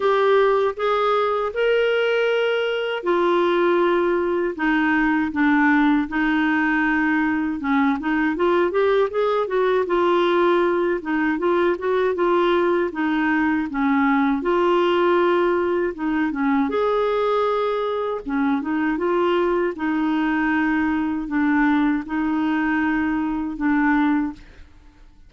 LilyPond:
\new Staff \with { instrumentName = "clarinet" } { \time 4/4 \tempo 4 = 79 g'4 gis'4 ais'2 | f'2 dis'4 d'4 | dis'2 cis'8 dis'8 f'8 g'8 | gis'8 fis'8 f'4. dis'8 f'8 fis'8 |
f'4 dis'4 cis'4 f'4~ | f'4 dis'8 cis'8 gis'2 | cis'8 dis'8 f'4 dis'2 | d'4 dis'2 d'4 | }